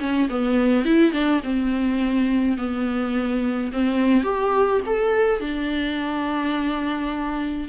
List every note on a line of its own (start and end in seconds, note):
0.00 0.29 C#4
0.29 0.85 B3
0.85 1.12 E4
1.12 1.41 D4
1.44 2.58 C4
2.58 3.72 B3
3.72 4.23 C4
4.23 4.81 G4
4.86 5.40 A4
5.40 7.69 D4